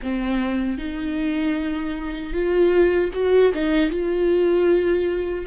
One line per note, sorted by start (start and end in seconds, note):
0.02 0.78 C4
0.78 2.33 D#4
2.33 3.11 F4
3.13 3.52 F#4
3.53 3.90 D#4
3.90 5.45 F4